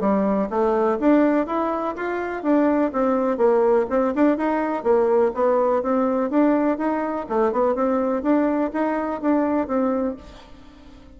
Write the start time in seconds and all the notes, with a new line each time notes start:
0.00 G3
0.49 A3
1.00 D4
1.46 E4
1.96 F4
2.43 D4
2.93 C4
3.37 A#3
3.90 C4
4.15 D4
4.37 D#4
4.83 A#3
5.34 B3
5.82 C4
6.30 D4
6.77 D#4
7.29 A3
7.52 B3
7.75 C4
8.22 D4
8.73 D#4
9.21 D4
9.67 C4